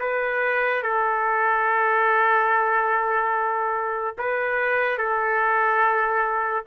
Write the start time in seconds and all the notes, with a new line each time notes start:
0.00 B4
0.83 A4
4.18 B4
4.98 A4